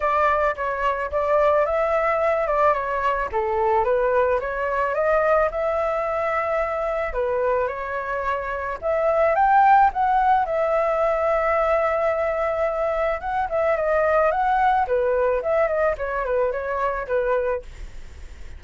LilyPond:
\new Staff \with { instrumentName = "flute" } { \time 4/4 \tempo 4 = 109 d''4 cis''4 d''4 e''4~ | e''8 d''8 cis''4 a'4 b'4 | cis''4 dis''4 e''2~ | e''4 b'4 cis''2 |
e''4 g''4 fis''4 e''4~ | e''1 | fis''8 e''8 dis''4 fis''4 b'4 | e''8 dis''8 cis''8 b'8 cis''4 b'4 | }